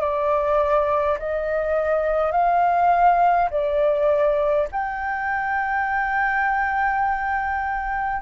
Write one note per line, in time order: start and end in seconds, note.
0.00 1.18 D5
1.19 2.32 D#5
2.32 3.49 F5
3.50 4.68 D5
4.72 8.22 G5